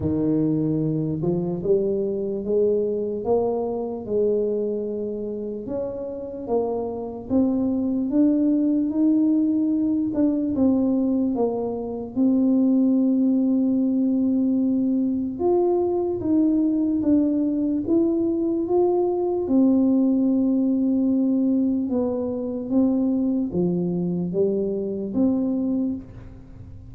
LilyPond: \new Staff \with { instrumentName = "tuba" } { \time 4/4 \tempo 4 = 74 dis4. f8 g4 gis4 | ais4 gis2 cis'4 | ais4 c'4 d'4 dis'4~ | dis'8 d'8 c'4 ais4 c'4~ |
c'2. f'4 | dis'4 d'4 e'4 f'4 | c'2. b4 | c'4 f4 g4 c'4 | }